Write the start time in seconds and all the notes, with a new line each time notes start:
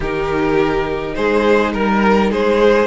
0.00 D#3 D#4 G4 A#4
1.14 G#3 G#4 C5
1.73 G3 A#4
2.30 G#3 G#4 C5